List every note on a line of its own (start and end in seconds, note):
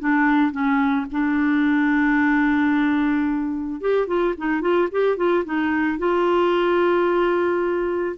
0.00 0.52 D4
0.52 1.07 C#4
1.12 3.81 D4
3.81 4.08 G4
4.08 4.35 F4
4.38 4.62 D#4
4.62 4.89 F4
4.92 5.17 G4
5.17 5.45 F4
5.45 5.99 D#4
5.99 8.17 F4